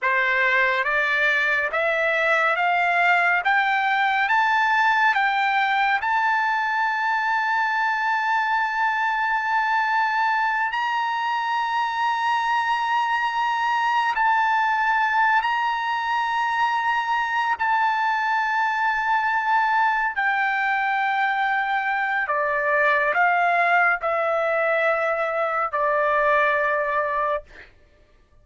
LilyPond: \new Staff \with { instrumentName = "trumpet" } { \time 4/4 \tempo 4 = 70 c''4 d''4 e''4 f''4 | g''4 a''4 g''4 a''4~ | a''1~ | a''8 ais''2.~ ais''8~ |
ais''8 a''4. ais''2~ | ais''8 a''2. g''8~ | g''2 d''4 f''4 | e''2 d''2 | }